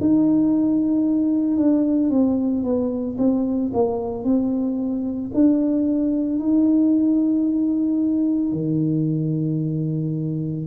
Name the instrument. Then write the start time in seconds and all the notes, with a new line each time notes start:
tuba
0.00 D#4
1.57 D4
2.10 C4
2.63 B3
3.18 C4
3.74 A#3
4.24 C4
5.34 D4
6.39 D#4
8.52 D#3